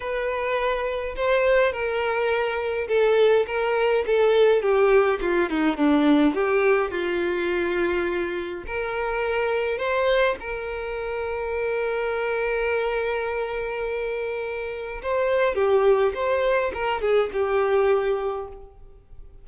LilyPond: \new Staff \with { instrumentName = "violin" } { \time 4/4 \tempo 4 = 104 b'2 c''4 ais'4~ | ais'4 a'4 ais'4 a'4 | g'4 f'8 dis'8 d'4 g'4 | f'2. ais'4~ |
ais'4 c''4 ais'2~ | ais'1~ | ais'2 c''4 g'4 | c''4 ais'8 gis'8 g'2 | }